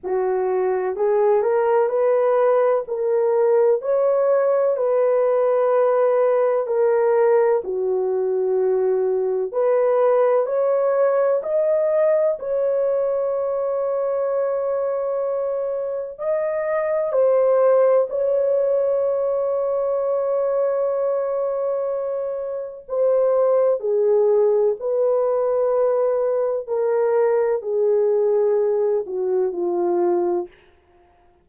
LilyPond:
\new Staff \with { instrumentName = "horn" } { \time 4/4 \tempo 4 = 63 fis'4 gis'8 ais'8 b'4 ais'4 | cis''4 b'2 ais'4 | fis'2 b'4 cis''4 | dis''4 cis''2.~ |
cis''4 dis''4 c''4 cis''4~ | cis''1 | c''4 gis'4 b'2 | ais'4 gis'4. fis'8 f'4 | }